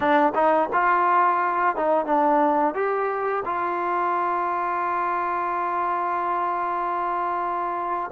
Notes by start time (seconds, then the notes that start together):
0.00 D4
0.34 D#4
0.72 F4
1.76 D#4
2.05 D4
2.74 G4
3.45 F4